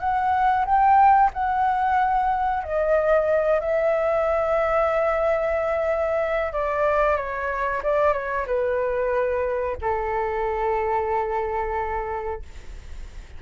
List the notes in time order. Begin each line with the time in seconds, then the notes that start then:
0.00 F#5
0.66 G5
1.34 F#5
2.64 D#5
3.60 E5
6.53 D5
7.17 C#5
7.83 D5
8.13 C#5
8.47 B4
9.82 A4